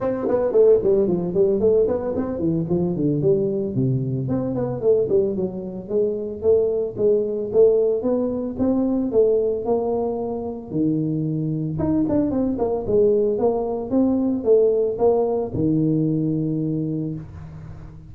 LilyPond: \new Staff \with { instrumentName = "tuba" } { \time 4/4 \tempo 4 = 112 c'8 b8 a8 g8 f8 g8 a8 b8 | c'8 e8 f8 d8 g4 c4 | c'8 b8 a8 g8 fis4 gis4 | a4 gis4 a4 b4 |
c'4 a4 ais2 | dis2 dis'8 d'8 c'8 ais8 | gis4 ais4 c'4 a4 | ais4 dis2. | }